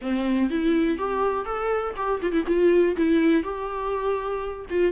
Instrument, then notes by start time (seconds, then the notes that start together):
viola
0.01 C4
0.50 E4
0.97 G4
1.45 A4
1.96 G4
2.22 F4
2.32 E4
2.46 F4
2.96 E4
3.43 G4
4.69 F4